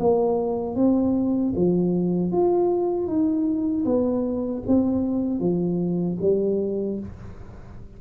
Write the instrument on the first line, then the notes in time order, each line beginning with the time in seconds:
tuba
0.00 A#3
0.76 C4
1.56 F3
2.32 F4
3.07 D#4
3.85 B3
4.67 C4
5.40 F3
6.22 G3